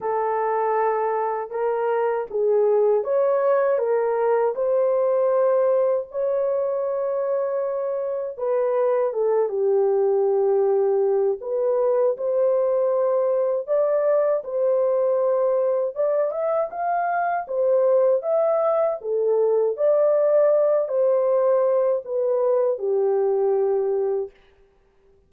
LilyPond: \new Staff \with { instrumentName = "horn" } { \time 4/4 \tempo 4 = 79 a'2 ais'4 gis'4 | cis''4 ais'4 c''2 | cis''2. b'4 | a'8 g'2~ g'8 b'4 |
c''2 d''4 c''4~ | c''4 d''8 e''8 f''4 c''4 | e''4 a'4 d''4. c''8~ | c''4 b'4 g'2 | }